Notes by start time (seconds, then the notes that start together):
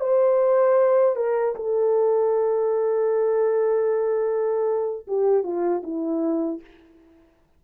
0.00 C5
1.16 A#4
1.55 A4
5.07 G4
5.43 F4
5.83 E4